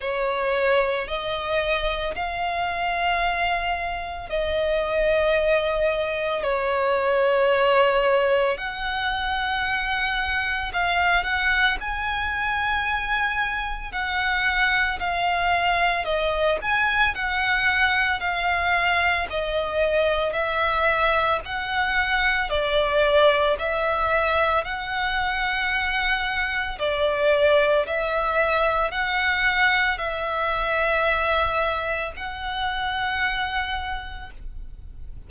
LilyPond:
\new Staff \with { instrumentName = "violin" } { \time 4/4 \tempo 4 = 56 cis''4 dis''4 f''2 | dis''2 cis''2 | fis''2 f''8 fis''8 gis''4~ | gis''4 fis''4 f''4 dis''8 gis''8 |
fis''4 f''4 dis''4 e''4 | fis''4 d''4 e''4 fis''4~ | fis''4 d''4 e''4 fis''4 | e''2 fis''2 | }